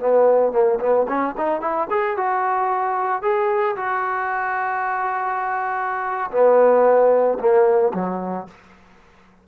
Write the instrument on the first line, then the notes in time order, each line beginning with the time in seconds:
trombone
0.00 B3
0.52 A#3
0.80 B3
1.08 C#4
1.37 D#4
1.61 E4
1.90 G#4
2.17 F#4
3.22 G#4
3.76 F#4
6.31 B3
7.39 A#3
7.94 F#3